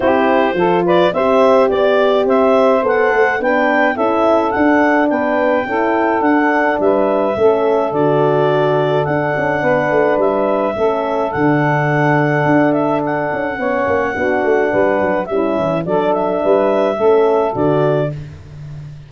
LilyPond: <<
  \new Staff \with { instrumentName = "clarinet" } { \time 4/4 \tempo 4 = 106 c''4. d''8 e''4 d''4 | e''4 fis''4 g''4 e''4 | fis''4 g''2 fis''4 | e''2 d''2 |
fis''2 e''2 | fis''2~ fis''8 e''8 fis''4~ | fis''2. e''4 | d''8 e''2~ e''8 d''4 | }
  \new Staff \with { instrumentName = "saxophone" } { \time 4/4 g'4 a'8 b'8 c''4 d''4 | c''2 b'4 a'4~ | a'4 b'4 a'2 | b'4 a'2.~ |
a'4 b'2 a'4~ | a'1 | cis''4 fis'4 b'4 e'4 | a'4 b'4 a'2 | }
  \new Staff \with { instrumentName = "horn" } { \time 4/4 e'4 f'4 g'2~ | g'4 a'4 d'4 e'4 | d'2 e'4 d'4~ | d'4 cis'4 fis'2 |
d'2. cis'4 | d'1 | cis'4 d'2 cis'4 | d'2 cis'4 fis'4 | }
  \new Staff \with { instrumentName = "tuba" } { \time 4/4 c'4 f4 c'4 b4 | c'4 b8 a8 b4 cis'4 | d'4 b4 cis'4 d'4 | g4 a4 d2 |
d'8 cis'8 b8 a8 g4 a4 | d2 d'4. cis'8 | b8 ais8 b8 a8 g8 fis8 g8 e8 | fis4 g4 a4 d4 | }
>>